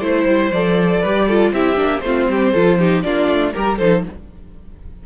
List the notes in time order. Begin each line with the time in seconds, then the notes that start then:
0.00 A3 E4 C5
0.26 G3
0.52 F3 A4 D5
1.01 G3 G4 B4
1.28 F4 A4
1.53 C4 E4 G4 E5
1.76 A#3 D4
2.01 A3 C4 F4 C5
2.29 G3 G4
2.53 F3 F4 A4
2.79 D#4 G4
3.03 A#3 D4 F4 D5
3.29 A3
3.53 G3 G4 A#4
3.78 F3 D#4 A4 C5